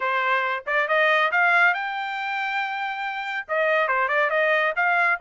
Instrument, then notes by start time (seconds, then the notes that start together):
trumpet
0.00 C5
0.66 D5
0.88 D#5
1.31 F5
1.74 G5
3.47 D#5
3.88 C5
4.08 D5
4.30 D#5
4.76 F5